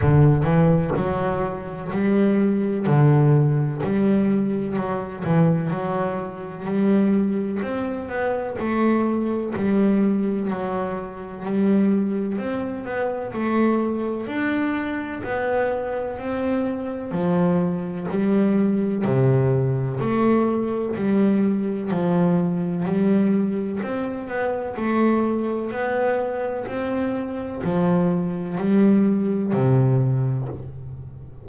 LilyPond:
\new Staff \with { instrumentName = "double bass" } { \time 4/4 \tempo 4 = 63 d8 e8 fis4 g4 d4 | g4 fis8 e8 fis4 g4 | c'8 b8 a4 g4 fis4 | g4 c'8 b8 a4 d'4 |
b4 c'4 f4 g4 | c4 a4 g4 f4 | g4 c'8 b8 a4 b4 | c'4 f4 g4 c4 | }